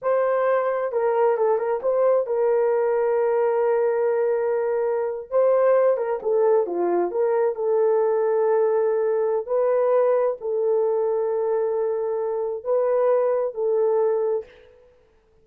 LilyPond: \new Staff \with { instrumentName = "horn" } { \time 4/4 \tempo 4 = 133 c''2 ais'4 a'8 ais'8 | c''4 ais'2.~ | ais'2.~ ais'8. c''16~ | c''4~ c''16 ais'8 a'4 f'4 ais'16~ |
ais'8. a'2.~ a'16~ | a'4 b'2 a'4~ | a'1 | b'2 a'2 | }